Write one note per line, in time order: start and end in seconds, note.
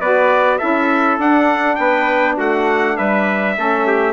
0.00 0.60 B3
0.00 0.60 F#4
0.00 0.59 B4
0.00 0.58 D5
0.58 1.18 C#4
0.58 1.19 E4
0.58 1.78 A4
0.58 1.18 E5
1.18 1.78 D4
1.18 3.56 D4
1.18 1.75 F#5
1.75 2.38 B3
1.75 2.37 B4
1.75 2.35 G5
2.37 2.97 A3
2.37 2.97 F#4
2.37 2.97 F#5
2.97 3.57 G3
2.97 3.57 B4
2.97 4.13 E5
3.56 4.13 A3
3.56 4.13 C#4
3.56 3.87 A4
3.87 4.13 G4